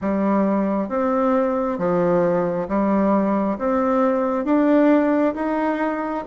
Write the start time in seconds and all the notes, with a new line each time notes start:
0.01 G3
0.88 C4
1.78 F3
2.68 G3
3.58 C4
4.45 D4
5.34 D#4